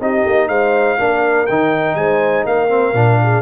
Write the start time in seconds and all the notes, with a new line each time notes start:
0.00 C4 D#4 G4 D#5
0.25 A#3
0.48 G#3 C5 F5
0.98 A#3 D4 A#4
1.47 D#3 D#4 G5
1.96 G#3 C5 G#5
2.45 A#3 A#4 F5
2.69 C4
2.93 A#2 D4
3.22 G#4